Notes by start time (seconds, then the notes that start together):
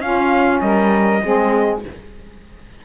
0.00 C#4 F4 F5
0.61 G3 A#4 D#5
1.23 G#3 C4 G#4